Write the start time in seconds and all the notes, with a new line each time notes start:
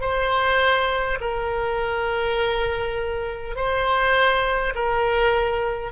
0.00 C5
1.20 A#4
3.55 C5
4.74 A#4